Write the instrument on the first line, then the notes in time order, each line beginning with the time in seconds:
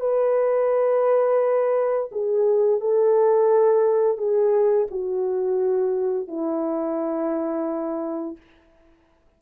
horn
0.00 B4
2.12 G#4
2.80 A4
4.17 G#4
4.91 F#4
6.28 E4